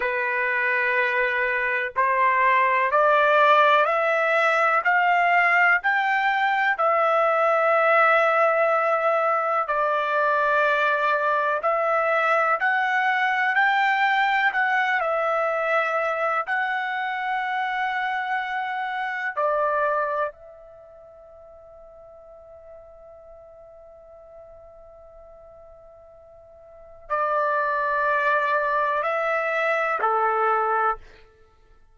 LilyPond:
\new Staff \with { instrumentName = "trumpet" } { \time 4/4 \tempo 4 = 62 b'2 c''4 d''4 | e''4 f''4 g''4 e''4~ | e''2 d''2 | e''4 fis''4 g''4 fis''8 e''8~ |
e''4 fis''2. | d''4 e''2.~ | e''1 | d''2 e''4 a'4 | }